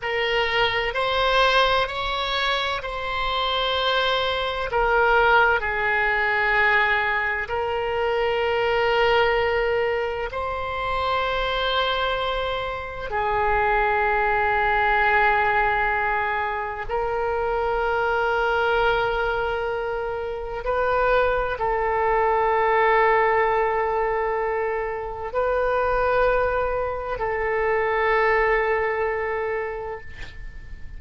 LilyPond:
\new Staff \with { instrumentName = "oboe" } { \time 4/4 \tempo 4 = 64 ais'4 c''4 cis''4 c''4~ | c''4 ais'4 gis'2 | ais'2. c''4~ | c''2 gis'2~ |
gis'2 ais'2~ | ais'2 b'4 a'4~ | a'2. b'4~ | b'4 a'2. | }